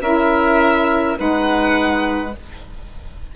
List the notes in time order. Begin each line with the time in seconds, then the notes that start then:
0.00 C#4 E4 A#4 E5
1.16 G#3 D#4 B4 F#5